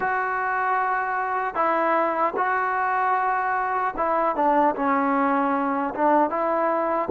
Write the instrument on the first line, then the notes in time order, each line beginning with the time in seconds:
trombone
0.00 F#4
1.54 E4
2.36 F#4
3.96 E4
4.35 D4
4.75 C#4
5.95 D4
6.29 E4